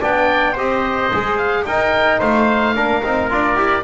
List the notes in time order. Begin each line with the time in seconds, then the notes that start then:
0.00 B3 D4 D5 G5
0.53 C4 G4 C5 D#5
1.13 G#3 G#4
1.37 F5
1.65 D#4 A#4 G5
2.19 A3 C5 F5
2.75 A#3 D4 A#4
3.03 C4 D#4
3.30 D4 F4 D5
3.55 E4 G4